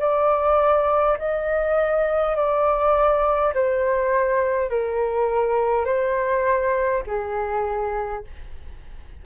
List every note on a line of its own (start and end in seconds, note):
0.00 1.18 D5
1.19 2.36 D#5
2.36 3.54 D5
3.55 4.70 C5
4.70 5.86 A#4
5.86 7.04 C5
7.07 8.25 G#4